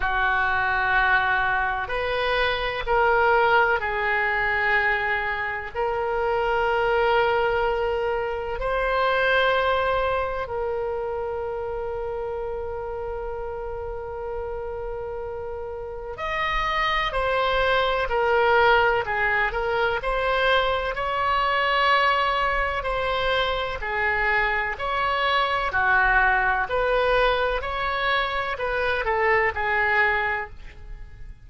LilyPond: \new Staff \with { instrumentName = "oboe" } { \time 4/4 \tempo 4 = 63 fis'2 b'4 ais'4 | gis'2 ais'2~ | ais'4 c''2 ais'4~ | ais'1~ |
ais'4 dis''4 c''4 ais'4 | gis'8 ais'8 c''4 cis''2 | c''4 gis'4 cis''4 fis'4 | b'4 cis''4 b'8 a'8 gis'4 | }